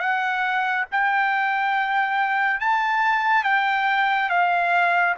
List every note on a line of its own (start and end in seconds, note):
0.00 0.86 F#5
0.92 2.61 G5
2.61 3.44 A5
3.44 4.30 G5
4.30 5.15 F5